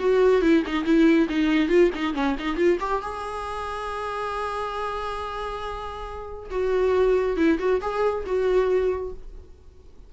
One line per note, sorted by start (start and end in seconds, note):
0.00 0.42 F#4
0.42 0.64 E4
0.67 0.85 D#4
0.85 1.28 E4
1.30 1.69 D#4
1.69 1.91 F4
1.95 2.15 D#4
2.15 2.36 C#4
2.40 2.57 D#4
2.57 2.79 F4
2.81 3.03 G4
3.03 6.51 G#4
6.51 7.37 F#4
7.37 7.59 E4
7.59 7.81 F#4
7.82 8.25 G#4
8.26 9.13 F#4